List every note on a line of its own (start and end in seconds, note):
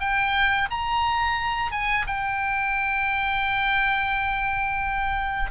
0.00 0.69 G5
0.70 1.71 A#5
1.71 2.06 G#5
2.07 5.51 G5